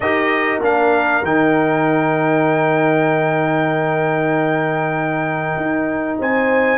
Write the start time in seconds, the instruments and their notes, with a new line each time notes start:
0.00 tuba D#4, trombone G4, horn A#4, trumpet D#5
0.61 tuba A#3, trombone D4, trumpet F5
1.22 tuba D#3, trombone D#4, trumpet G5
5.56 tuba D#4
6.19 tuba C4, horn C5, trumpet G#5